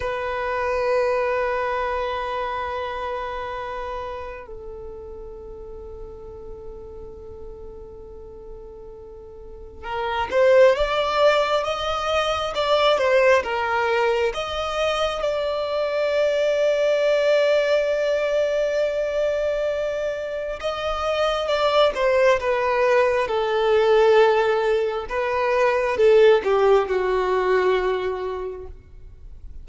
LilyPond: \new Staff \with { instrumentName = "violin" } { \time 4/4 \tempo 4 = 67 b'1~ | b'4 a'2.~ | a'2. ais'8 c''8 | d''4 dis''4 d''8 c''8 ais'4 |
dis''4 d''2.~ | d''2. dis''4 | d''8 c''8 b'4 a'2 | b'4 a'8 g'8 fis'2 | }